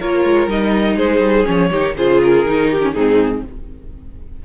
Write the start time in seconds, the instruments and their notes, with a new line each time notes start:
0.00 cello A#3, viola F4, violin A#4 C#5
0.24 cello G#3
0.47 cello G3, viola D#4, violin D#5
0.97 cello G#3, violin G#4 C5
1.20 cello G3
1.45 cello F3, viola C#4, violin C#5
1.71 cello D#3, viola D#4, violin G4
1.97 cello C#3, viola F4, violin G#4 C5
2.23 violin A#4
2.46 cello D#3, viola D#4
2.71 violin G4
2.82 viola C#4
2.93 cello G#2, viola C4, violin D#4 G#4